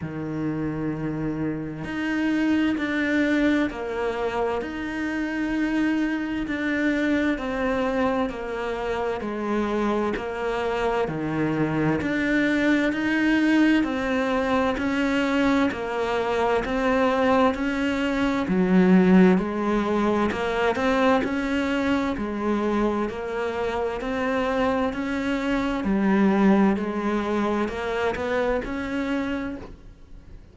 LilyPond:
\new Staff \with { instrumentName = "cello" } { \time 4/4 \tempo 4 = 65 dis2 dis'4 d'4 | ais4 dis'2 d'4 | c'4 ais4 gis4 ais4 | dis4 d'4 dis'4 c'4 |
cis'4 ais4 c'4 cis'4 | fis4 gis4 ais8 c'8 cis'4 | gis4 ais4 c'4 cis'4 | g4 gis4 ais8 b8 cis'4 | }